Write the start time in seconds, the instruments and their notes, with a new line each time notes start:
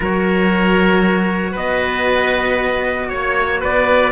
0.00 cello F#3 F#4, oboe A#4, trumpet C#5
1.51 cello B3, oboe B4, trumpet D#5
3.09 cello A#3, trumpet C#5, oboe C#5
3.59 cello B3, oboe B4, trumpet D5